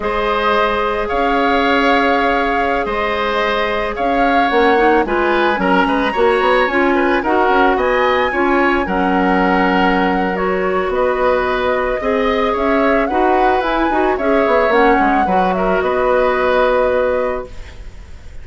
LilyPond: <<
  \new Staff \with { instrumentName = "flute" } { \time 4/4 \tempo 4 = 110 dis''2 f''2~ | f''4~ f''16 dis''2 f''8.~ | f''16 fis''4 gis''4 ais''4.~ ais''16~ | ais''16 gis''4 fis''4 gis''4.~ gis''16~ |
gis''16 fis''2~ fis''8. cis''4 | dis''2. e''4 | fis''4 gis''4 e''4 fis''4~ | fis''8 e''8 dis''2. | }
  \new Staff \with { instrumentName = "oboe" } { \time 4/4 c''2 cis''2~ | cis''4~ cis''16 c''2 cis''8.~ | cis''4~ cis''16 b'4 ais'8 b'8 cis''8.~ | cis''8. b'8 ais'4 dis''4 cis''8.~ |
cis''16 ais'2.~ ais'8. | b'2 dis''4 cis''4 | b'2 cis''2 | b'8 ais'8 b'2. | }
  \new Staff \with { instrumentName = "clarinet" } { \time 4/4 gis'1~ | gis'1~ | gis'16 cis'8 dis'8 f'4 cis'4 fis'8.~ | fis'16 f'4 fis'2 f'8.~ |
f'16 cis'2~ cis'8. fis'4~ | fis'2 gis'2 | fis'4 e'8 fis'8 gis'4 cis'4 | fis'1 | }
  \new Staff \with { instrumentName = "bassoon" } { \time 4/4 gis2 cis'2~ | cis'4~ cis'16 gis2 cis'8.~ | cis'16 ais4 gis4 fis8 gis8 ais8 b16~ | b16 cis'4 dis'8 cis'8 b4 cis'8.~ |
cis'16 fis2.~ fis8. | b2 c'4 cis'4 | dis'4 e'8 dis'8 cis'8 b8 ais8 gis8 | fis4 b2. | }
>>